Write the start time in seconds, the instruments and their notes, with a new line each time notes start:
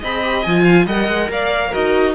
0.00 cello C4, viola G#4, violin D#5 B5
0.23 viola G4
0.43 cello F3, viola F4, violin G#5
0.64 violin F5
0.86 cello G3, viola A#4, violin D#5 F#5
1.08 cello G#3
1.30 cello A#3, violin D5 F5
1.69 viola F#4, violin A#4 D#5
1.75 cello D#4